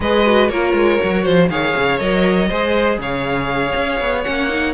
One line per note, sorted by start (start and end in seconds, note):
0.00 0.49 G#3
0.00 0.25 G#4
0.00 0.50 B4
0.00 0.48 D#5
0.25 0.50 F#4
0.48 0.73 A#3
0.48 0.99 F4
0.48 1.23 A#4
0.48 1.48 C#5
0.73 0.98 G#3
0.99 1.27 F#3
0.99 1.49 F#4
1.23 1.49 F3
1.23 1.48 C5
1.49 1.74 D#3
1.49 1.99 G#4
1.49 2.48 C#5
1.49 1.98 F5
1.76 2.00 C#3
1.98 2.50 F#3
1.98 2.49 A#4
1.98 2.98 D#5
2.48 2.98 G#3
2.48 4.24 G#4
2.48 2.98 C5
2.98 3.73 C#3
2.98 4.74 C#5
2.98 4.23 F5
3.75 4.00 C#4
4.00 4.25 B3
4.23 4.74 A#3
4.23 4.49 C#4
4.23 4.73 F#5
4.49 4.74 D#4